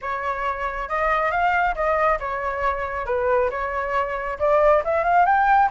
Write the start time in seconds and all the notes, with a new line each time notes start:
0.01 C#5
0.89 D#5
1.31 F5
1.75 D#5
2.19 C#5
3.06 B4
3.50 C#5
4.39 D5
4.84 E5
5.04 F5
5.25 G5